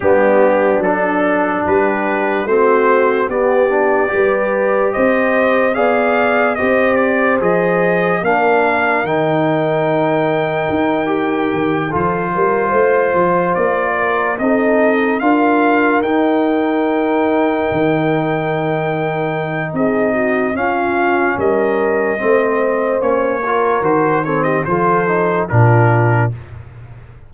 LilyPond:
<<
  \new Staff \with { instrumentName = "trumpet" } { \time 4/4 \tempo 4 = 73 g'4 a'4 b'4 c''4 | d''2 dis''4 f''4 | dis''8 d''8 dis''4 f''4 g''4~ | g''2~ g''8 c''4.~ |
c''8 d''4 dis''4 f''4 g''8~ | g''1 | dis''4 f''4 dis''2 | cis''4 c''8 cis''16 dis''16 c''4 ais'4 | }
  \new Staff \with { instrumentName = "horn" } { \time 4/4 d'2 g'4 fis'4 | g'4 b'4 c''4 d''4 | c''2 ais'2~ | ais'2~ ais'8 a'8 ais'8 c''8~ |
c''4 ais'8 a'4 ais'4.~ | ais'1 | gis'8 fis'8 f'4 ais'4 c''4~ | c''8 ais'4 a'16 g'16 a'4 f'4 | }
  \new Staff \with { instrumentName = "trombone" } { \time 4/4 b4 d'2 c'4 | b8 d'8 g'2 gis'4 | g'4 gis'4 d'4 dis'4~ | dis'4. g'4 f'4.~ |
f'4. dis'4 f'4 dis'8~ | dis'1~ | dis'4 cis'2 c'4 | cis'8 f'8 fis'8 c'8 f'8 dis'8 d'4 | }
  \new Staff \with { instrumentName = "tuba" } { \time 4/4 g4 fis4 g4 a4 | b4 g4 c'4 b4 | c'4 f4 ais4 dis4~ | dis4 dis'4 dis8 f8 g8 a8 |
f8 ais4 c'4 d'4 dis'8~ | dis'4. dis2~ dis8 | c'4 cis'4 g4 a4 | ais4 dis4 f4 ais,4 | }
>>